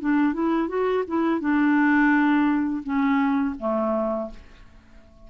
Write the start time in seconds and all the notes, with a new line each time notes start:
0.00 D4
0.33 E4
0.68 F#4
1.07 E4
1.40 D4
2.83 C#4
3.59 A3